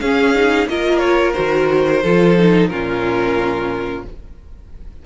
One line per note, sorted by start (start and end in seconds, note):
0.00 0.66 C#4
0.00 0.35 C#4
0.00 0.69 G#4
0.00 0.67 F5
0.35 0.69 D#4
0.66 1.34 A#3
0.66 1.35 F4
0.66 2.03 A#4
0.66 0.98 D#5
0.98 1.32 C#5
1.33 2.04 D#3
1.33 2.02 F#4
1.33 2.68 C5
2.03 2.69 F3
2.03 2.38 F4
2.03 2.70 A4
2.38 2.71 D#4
2.69 4.04 A#2
2.69 4.06 C#4
2.69 4.05 F4
2.69 4.03 A#4